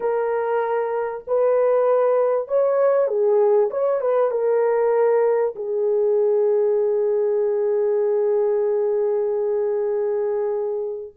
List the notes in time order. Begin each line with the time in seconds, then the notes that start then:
0.00 A#4
1.27 B4
2.48 C#5
3.07 G#4
3.70 C#5
4.00 B4
4.30 A#4
5.55 G#4